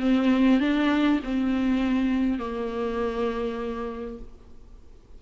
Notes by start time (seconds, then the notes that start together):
0.00 C4
0.60 D4
1.24 C4
2.39 A#3